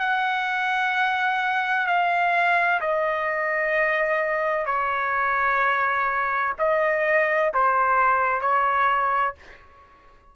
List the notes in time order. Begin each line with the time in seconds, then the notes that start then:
0.00 F#5
1.87 F5
2.81 D#5
4.66 C#5
6.59 D#5
7.54 C5
8.42 C#5